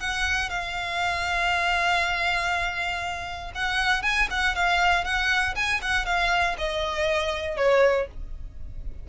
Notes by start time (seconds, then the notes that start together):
0.00 F#5
0.50 F5
3.55 F#5
4.02 G#5
4.30 F#5
4.55 F5
5.04 F#5
5.55 G#5
5.81 F#5
6.05 F5
6.58 D#5
7.57 C#5